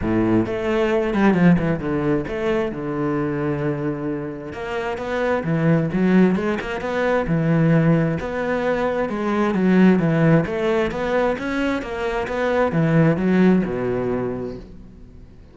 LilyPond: \new Staff \with { instrumentName = "cello" } { \time 4/4 \tempo 4 = 132 a,4 a4. g8 f8 e8 | d4 a4 d2~ | d2 ais4 b4 | e4 fis4 gis8 ais8 b4 |
e2 b2 | gis4 fis4 e4 a4 | b4 cis'4 ais4 b4 | e4 fis4 b,2 | }